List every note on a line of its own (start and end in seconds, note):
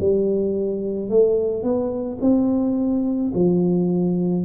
0.00 1.10 G3
1.10 1.63 A3
1.63 2.19 B3
2.21 3.32 C4
3.34 4.45 F3